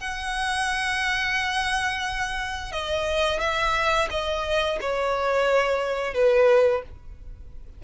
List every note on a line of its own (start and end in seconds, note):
0.00 2.72 F#5
2.72 3.40 D#5
3.40 4.08 E5
4.10 4.79 D#5
4.81 6.14 C#5
6.14 6.82 B4